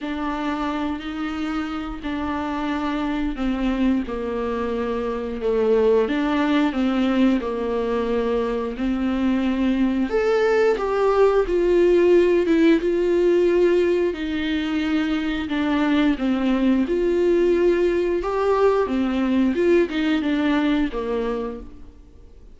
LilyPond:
\new Staff \with { instrumentName = "viola" } { \time 4/4 \tempo 4 = 89 d'4. dis'4. d'4~ | d'4 c'4 ais2 | a4 d'4 c'4 ais4~ | ais4 c'2 a'4 |
g'4 f'4. e'8 f'4~ | f'4 dis'2 d'4 | c'4 f'2 g'4 | c'4 f'8 dis'8 d'4 ais4 | }